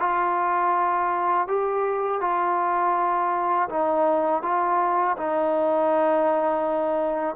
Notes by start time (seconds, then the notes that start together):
0.00 F4
1.48 G4
2.21 F4
3.70 D#4
4.43 F4
5.18 D#4